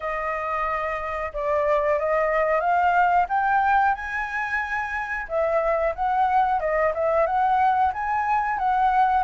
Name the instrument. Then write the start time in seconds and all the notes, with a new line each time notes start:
flute
0.00 D#5
1.33 D5
1.99 D#5
2.60 F5
3.28 G5
3.94 G#5
5.28 E5
5.95 F#5
6.59 D#5
6.94 E5
7.26 F#5
7.93 G#5
8.58 F#5